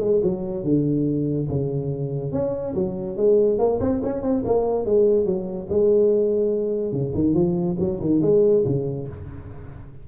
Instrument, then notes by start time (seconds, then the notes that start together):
tuba
0.00 G#3
0.23 F#3
0.64 D3
1.49 C#3
2.32 C#4
2.75 F#3
3.17 G#3
3.58 A#3
3.80 C4
4.03 C#4
4.22 C4
4.45 A#3
4.85 G#3
5.25 F#3
5.69 G#3
6.92 C#3
7.15 D#3
7.34 F3
7.79 F#3
8.00 D#3
8.22 G#3
8.66 C#3